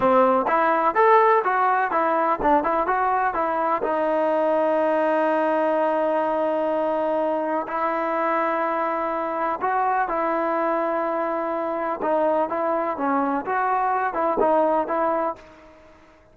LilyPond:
\new Staff \with { instrumentName = "trombone" } { \time 4/4 \tempo 4 = 125 c'4 e'4 a'4 fis'4 | e'4 d'8 e'8 fis'4 e'4 | dis'1~ | dis'1 |
e'1 | fis'4 e'2.~ | e'4 dis'4 e'4 cis'4 | fis'4. e'8 dis'4 e'4 | }